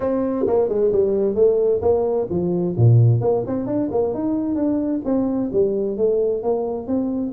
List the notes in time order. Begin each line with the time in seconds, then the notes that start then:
0.00 C4
0.46 A#3
0.68 G#3
0.92 G3
1.34 A3
1.81 A#3
2.30 F3
2.76 A#2
3.21 A#3
3.46 C4
3.66 D4
3.91 A#3
4.13 D#4
4.55 D4
5.04 C4
5.52 G3
5.97 A3
6.42 A#3
6.87 C4